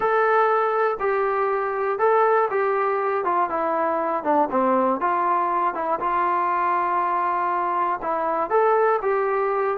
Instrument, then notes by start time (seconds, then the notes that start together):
trombone
0.00 A4
0.99 G4
1.98 A4
2.50 G4
3.24 F4
3.49 E4
4.23 D4
4.50 C4
5.00 F4
5.74 E4
6.00 F4
8.02 E4
8.50 A4
9.02 G4